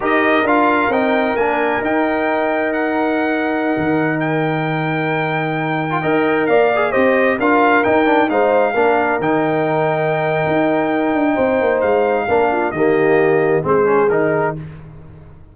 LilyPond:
<<
  \new Staff \with { instrumentName = "trumpet" } { \time 4/4 \tempo 4 = 132 dis''4 f''4 g''4 gis''4 | g''2 fis''2~ | fis''4~ fis''16 g''2~ g''8.~ | g''2~ g''16 f''4 dis''8.~ |
dis''16 f''4 g''4 f''4.~ f''16~ | f''16 g''2.~ g''8.~ | g''2 f''2 | dis''2 c''4 ais'4 | }
  \new Staff \with { instrumentName = "horn" } { \time 4/4 ais'1~ | ais'1~ | ais'1~ | ais'4~ ais'16 dis''4 d''4 c''8.~ |
c''16 ais'2 c''4 ais'8.~ | ais'1~ | ais'4 c''2 ais'8 f'8 | g'2 gis'2 | }
  \new Staff \with { instrumentName = "trombone" } { \time 4/4 g'4 f'4 dis'4 d'4 | dis'1~ | dis'1~ | dis'4 f'16 ais'4. gis'8 g'8.~ |
g'16 f'4 dis'8 d'8 dis'4 d'8.~ | d'16 dis'2.~ dis'8.~ | dis'2. d'4 | ais2 c'8 cis'8 dis'4 | }
  \new Staff \with { instrumentName = "tuba" } { \time 4/4 dis'4 d'4 c'4 ais4 | dis'1~ | dis'16 dis2.~ dis8.~ | dis4~ dis16 dis'4 ais4 c'8.~ |
c'16 d'4 dis'4 gis4 ais8.~ | ais16 dis2~ dis8. dis'4~ | dis'8 d'8 c'8 ais8 gis4 ais4 | dis2 gis4 dis4 | }
>>